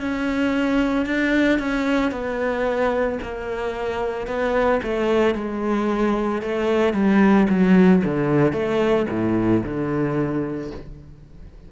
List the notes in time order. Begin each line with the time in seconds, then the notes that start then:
0.00 C#4
1.06 D4
1.59 C#4
2.11 B3
3.22 A#3
4.27 B3
4.83 A3
5.34 G#3
6.42 A3
6.94 G3
7.49 F#3
8.05 D3
8.53 A3
9.10 A2
9.64 D3